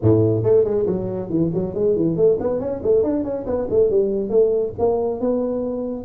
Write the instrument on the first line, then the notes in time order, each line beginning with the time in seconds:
tuba
0.02 A2
0.43 A3
0.64 G#3
0.86 F#3
1.29 E3
1.53 F#3
1.74 G#3
1.96 E3
2.16 A3
2.40 B3
2.60 C#4
2.82 A3
3.03 D4
3.24 C#4
3.46 B3
3.70 A3
3.90 G3
4.29 A3
4.79 A#3
5.20 B3